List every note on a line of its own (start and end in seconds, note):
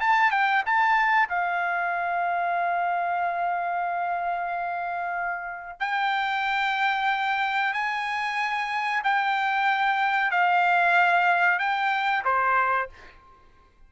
0.00 0.31 A5
0.31 0.63 G5
0.66 1.28 A5
1.28 5.79 F5
5.79 7.73 G5
7.73 9.02 G#5
9.04 10.31 G5
10.31 11.59 F5
11.59 12.23 G5
12.25 12.89 C5